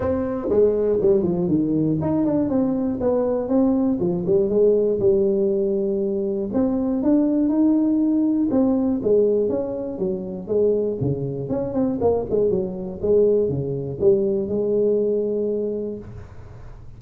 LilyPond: \new Staff \with { instrumentName = "tuba" } { \time 4/4 \tempo 4 = 120 c'4 gis4 g8 f8 dis4 | dis'8 d'8 c'4 b4 c'4 | f8 g8 gis4 g2~ | g4 c'4 d'4 dis'4~ |
dis'4 c'4 gis4 cis'4 | fis4 gis4 cis4 cis'8 c'8 | ais8 gis8 fis4 gis4 cis4 | g4 gis2. | }